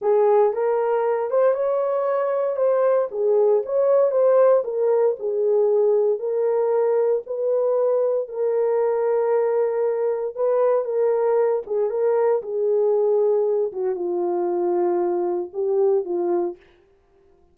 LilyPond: \new Staff \with { instrumentName = "horn" } { \time 4/4 \tempo 4 = 116 gis'4 ais'4. c''8 cis''4~ | cis''4 c''4 gis'4 cis''4 | c''4 ais'4 gis'2 | ais'2 b'2 |
ais'1 | b'4 ais'4. gis'8 ais'4 | gis'2~ gis'8 fis'8 f'4~ | f'2 g'4 f'4 | }